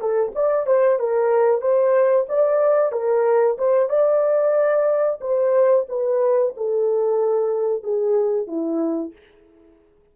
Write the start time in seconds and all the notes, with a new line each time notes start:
0.00 A4
0.35 D5
0.66 C5
0.99 A#4
1.61 C5
2.29 D5
2.92 A#4
3.58 C5
3.89 D5
5.21 C5
5.89 B4
6.57 A4
7.83 G#4
8.47 E4